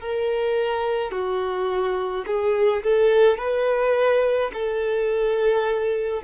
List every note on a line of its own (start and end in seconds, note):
0.00 1.11 A#4
1.11 2.24 F#4
2.26 2.83 G#4
2.83 3.38 A4
3.38 4.51 B4
4.53 6.23 A4